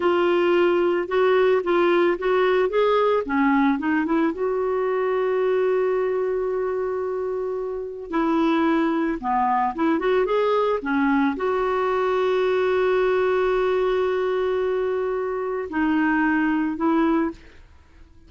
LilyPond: \new Staff \with { instrumentName = "clarinet" } { \time 4/4 \tempo 4 = 111 f'2 fis'4 f'4 | fis'4 gis'4 cis'4 dis'8 e'8 | fis'1~ | fis'2. e'4~ |
e'4 b4 e'8 fis'8 gis'4 | cis'4 fis'2.~ | fis'1~ | fis'4 dis'2 e'4 | }